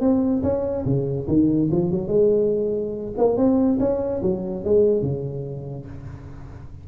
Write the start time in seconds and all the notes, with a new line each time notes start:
0.00 C4
0.42 C#4
0.85 C#3
1.27 D#3
1.71 F3
1.91 F#3
2.08 G#3
3.17 A#3
3.36 C4
3.80 C#4
4.22 F#3
4.64 G#3
5.02 C#3